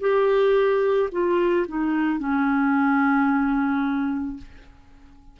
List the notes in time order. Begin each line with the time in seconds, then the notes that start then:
0.00 G4
1.12 F4
1.68 D#4
2.19 C#4